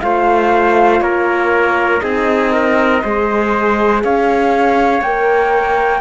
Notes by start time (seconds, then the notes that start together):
0.00 A3 F4 C5 F5
1.00 A#3 A#4 C#5
2.00 C4 D#4 G#4 D#5
2.52 A#4
3.02 G#3 G#4 C5
4.03 C#4 C#5 F5
5.01 A#3 A#4 G5